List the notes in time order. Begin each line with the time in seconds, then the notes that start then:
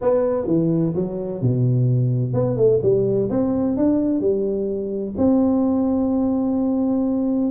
0.01 B3
0.46 E3
0.95 F#3
1.41 B2
2.33 B3
2.56 A3
2.82 G3
3.30 C4
3.76 D4
4.20 G3
5.17 C4